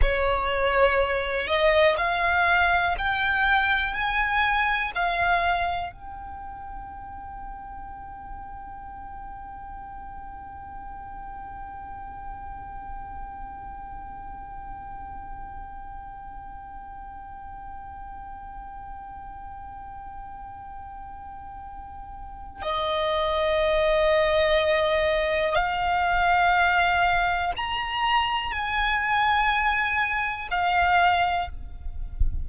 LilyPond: \new Staff \with { instrumentName = "violin" } { \time 4/4 \tempo 4 = 61 cis''4. dis''8 f''4 g''4 | gis''4 f''4 g''2~ | g''1~ | g''1~ |
g''1~ | g''2. dis''4~ | dis''2 f''2 | ais''4 gis''2 f''4 | }